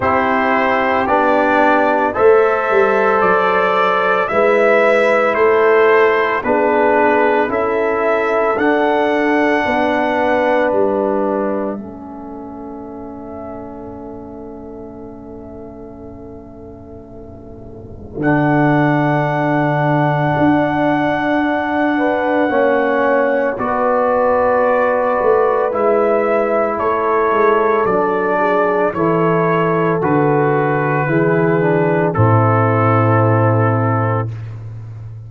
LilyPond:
<<
  \new Staff \with { instrumentName = "trumpet" } { \time 4/4 \tempo 4 = 56 c''4 d''4 e''4 d''4 | e''4 c''4 b'4 e''4 | fis''2 e''2~ | e''1~ |
e''4 fis''2.~ | fis''2 d''2 | e''4 cis''4 d''4 cis''4 | b'2 a'2 | }
  \new Staff \with { instrumentName = "horn" } { \time 4/4 g'2 c''2 | b'4 a'4 gis'4 a'4~ | a'4 b'2 a'4~ | a'1~ |
a'1~ | a'8 b'8 cis''4 b'2~ | b'4 a'4. gis'8 a'4~ | a'4 gis'4 e'2 | }
  \new Staff \with { instrumentName = "trombone" } { \time 4/4 e'4 d'4 a'2 | e'2 d'4 e'4 | d'2. cis'4~ | cis'1~ |
cis'4 d'2.~ | d'4 cis'4 fis'2 | e'2 d'4 e'4 | fis'4 e'8 d'8 c'2 | }
  \new Staff \with { instrumentName = "tuba" } { \time 4/4 c'4 b4 a8 g8 fis4 | gis4 a4 b4 cis'4 | d'4 b4 g4 a4~ | a1~ |
a4 d2 d'4~ | d'4 ais4 b4. a8 | gis4 a8 gis8 fis4 e4 | d4 e4 a,2 | }
>>